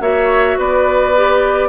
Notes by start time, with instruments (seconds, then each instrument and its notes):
0.00 bassoon A#3, clarinet F#4, oboe C#5, flute E5
0.57 bassoon B3, oboe B4, flute D5
1.15 clarinet G4